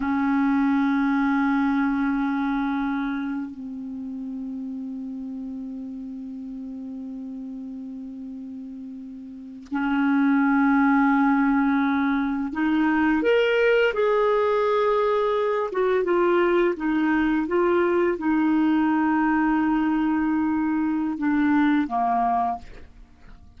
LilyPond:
\new Staff \with { instrumentName = "clarinet" } { \time 4/4 \tempo 4 = 85 cis'1~ | cis'4 c'2.~ | c'1~ | c'4.~ c'16 cis'2~ cis'16~ |
cis'4.~ cis'16 dis'4 ais'4 gis'16~ | gis'2~ gis'16 fis'8 f'4 dis'16~ | dis'8. f'4 dis'2~ dis'16~ | dis'2 d'4 ais4 | }